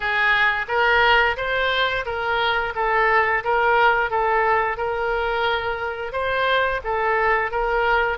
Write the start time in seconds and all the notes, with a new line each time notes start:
0.00 G#4
0.68 A#4
1.36 C5
2.05 A#4
2.75 A4
3.44 A#4
4.10 A4
4.77 A#4
6.12 C5
6.84 A4
7.51 A#4